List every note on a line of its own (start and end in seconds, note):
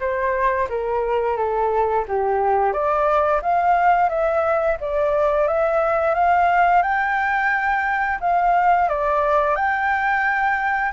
0.00 0.68 C5
0.69 1.37 A#4
1.37 2.05 A4
2.08 2.73 G4
2.73 3.41 D5
3.42 4.09 F5
4.09 4.78 E5
4.81 5.48 D5
5.48 6.15 E5
6.15 6.82 F5
6.82 8.19 G5
8.21 8.89 F5
8.89 9.56 D5
9.56 10.92 G5